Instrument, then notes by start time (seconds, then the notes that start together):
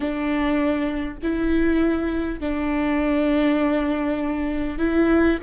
viola
0.00 D4
1.22 E4
2.40 D4
4.78 E4